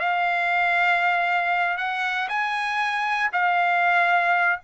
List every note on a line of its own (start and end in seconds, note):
0.00 1.78 F5
1.78 2.29 F#5
2.29 3.31 G#5
3.33 4.60 F5